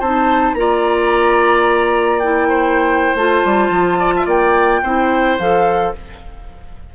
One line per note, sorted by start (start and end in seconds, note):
0.00 0.54 C4
0.00 0.57 D#4
0.00 0.55 C5
0.00 0.54 A5
0.54 3.15 A#3
0.54 2.22 F4
0.54 2.49 D5
0.54 2.19 A#5
2.19 3.18 E4
2.19 3.15 G5
2.49 3.99 C5
3.15 3.42 A3
3.15 4.83 F4
3.15 4.27 A5
3.45 3.69 G3
3.69 4.25 F3
3.99 4.13 D5
4.16 4.26 E5
4.26 4.81 A#3
4.26 4.81 D5
4.26 5.39 G5
4.83 5.38 C4
4.83 5.40 E4
4.83 5.93 C5
5.39 5.94 F3
5.39 5.95 A4
5.39 5.94 F5